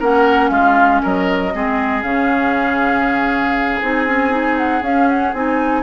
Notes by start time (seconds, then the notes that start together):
0.00 A#3 C#4 A#4 F#5
0.50 G#3 F4 F5
1.02 F#3 A#4 D#5
1.53 G#3 C4 G#4
2.03 C#3 C#4 F5
3.82 C4 D#4 G#5
4.07 C#4
4.30 D#4
4.58 F#5
4.82 C#4 F5
5.08 F#5
5.33 C4 D#4 G#5